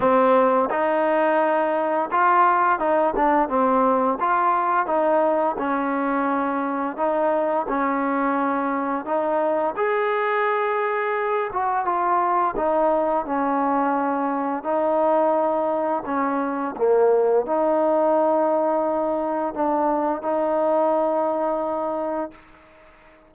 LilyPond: \new Staff \with { instrumentName = "trombone" } { \time 4/4 \tempo 4 = 86 c'4 dis'2 f'4 | dis'8 d'8 c'4 f'4 dis'4 | cis'2 dis'4 cis'4~ | cis'4 dis'4 gis'2~ |
gis'8 fis'8 f'4 dis'4 cis'4~ | cis'4 dis'2 cis'4 | ais4 dis'2. | d'4 dis'2. | }